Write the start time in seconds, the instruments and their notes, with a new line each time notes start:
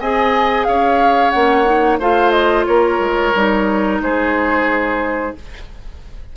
0.00 bassoon C4, clarinet G#4, oboe D#5, flute G#5
0.64 bassoon C#4, oboe C#5, flute F5
1.30 bassoon A#3, clarinet C#4, flute F#5
1.65 clarinet D#4
1.99 bassoon A3, clarinet F4, oboe C5, flute F5
2.31 flute D#5
2.66 bassoon A#3, oboe A#4, flute C#5
2.99 bassoon G#3
3.35 bassoon G3, clarinet D#4
4.00 bassoon G#3, oboe G#4, flute C5